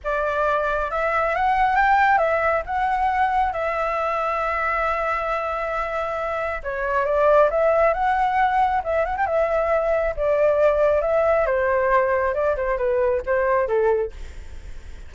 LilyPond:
\new Staff \with { instrumentName = "flute" } { \time 4/4 \tempo 4 = 136 d''2 e''4 fis''4 | g''4 e''4 fis''2 | e''1~ | e''2. cis''4 |
d''4 e''4 fis''2 | e''8 fis''16 g''16 e''2 d''4~ | d''4 e''4 c''2 | d''8 c''8 b'4 c''4 a'4 | }